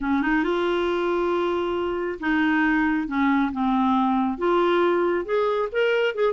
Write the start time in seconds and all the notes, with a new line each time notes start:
0.00 C#4
0.21 D#4
0.43 F4
2.20 D#4
3.07 C#4
3.52 C4
4.38 F4
5.25 G#4
5.72 A#4
6.14 G#4